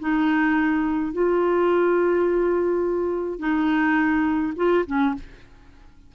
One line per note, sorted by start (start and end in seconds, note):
0.00 1.13 D#4
1.13 3.39 F4
3.39 4.54 D#4
4.57 4.85 F4
4.86 5.15 C#4